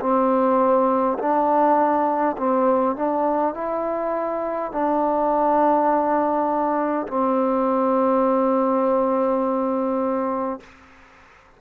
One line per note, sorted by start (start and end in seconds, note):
0.00 1.18 C4
1.18 2.36 D4
2.37 2.95 C4
2.95 3.54 D4
3.54 4.72 E4
4.72 7.07 D4
7.07 10.60 C4